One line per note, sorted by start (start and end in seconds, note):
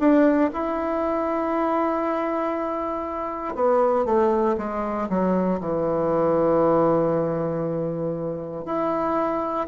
0.00 0.51 D4
0.54 3.55 E4
3.55 4.05 B3
4.05 4.56 A3
4.58 5.08 G#3
5.09 5.60 F#3
5.61 8.66 E3
8.66 9.67 E4